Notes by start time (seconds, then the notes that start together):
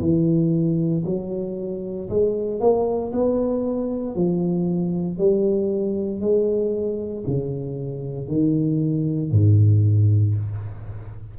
0.00 E3
1.05 F#3
2.09 G#3
2.60 A#3
3.12 B3
4.15 F3
5.18 G3
6.20 G#3
7.27 C#3
8.28 D#3
9.31 G#2